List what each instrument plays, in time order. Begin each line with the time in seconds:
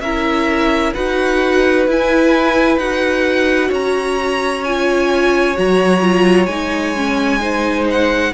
0.00 cello C#4, viola E4, violin A#4 E5
0.94 cello D#4, viola F#4, violin B4 F#5
1.88 cello E4, viola E4, violin G#5
2.77 cello D#4, viola F#4, violin F#5
3.68 cello C#4, violin C#5 A#5
4.64 viola F4, violin G#5
5.55 cello F#3, viola F#4, violin A#5
6.02 viola F4
6.46 cello G#3, viola D#4, violin G#5
6.96 viola C#4
7.40 viola D#4, violin C5
7.90 violin F#5